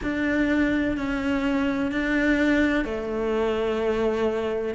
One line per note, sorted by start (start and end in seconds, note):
0.03 0.97 D4
0.97 1.91 C#4
1.91 2.84 D4
2.84 4.74 A3